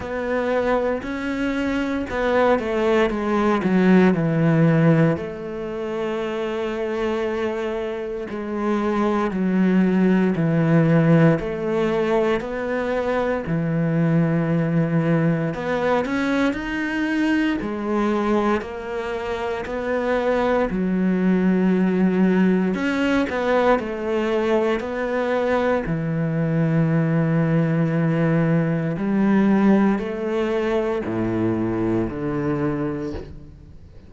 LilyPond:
\new Staff \with { instrumentName = "cello" } { \time 4/4 \tempo 4 = 58 b4 cis'4 b8 a8 gis8 fis8 | e4 a2. | gis4 fis4 e4 a4 | b4 e2 b8 cis'8 |
dis'4 gis4 ais4 b4 | fis2 cis'8 b8 a4 | b4 e2. | g4 a4 a,4 d4 | }